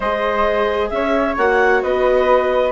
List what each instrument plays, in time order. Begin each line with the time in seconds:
0.00 bassoon G#3, viola G#4, flute C5, clarinet D#5
0.89 bassoon C#4, flute C#5, clarinet E5
1.37 bassoon A#3, viola F#4, clarinet F#5
1.82 bassoon B3, flute B4, clarinet D#5